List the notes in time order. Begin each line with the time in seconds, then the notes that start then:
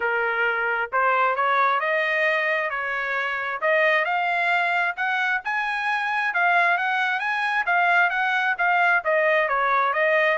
0.00 A#4
0.92 C5
1.35 C#5
1.80 D#5
2.70 C#5
3.61 D#5
4.05 F5
4.96 F#5
5.44 G#5
6.33 F5
6.77 F#5
7.19 G#5
7.65 F5
8.10 F#5
8.58 F5
9.04 D#5
9.48 C#5
9.93 D#5